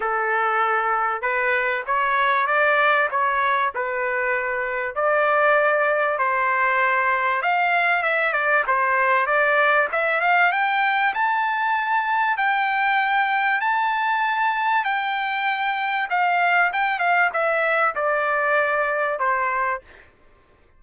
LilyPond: \new Staff \with { instrumentName = "trumpet" } { \time 4/4 \tempo 4 = 97 a'2 b'4 cis''4 | d''4 cis''4 b'2 | d''2 c''2 | f''4 e''8 d''8 c''4 d''4 |
e''8 f''8 g''4 a''2 | g''2 a''2 | g''2 f''4 g''8 f''8 | e''4 d''2 c''4 | }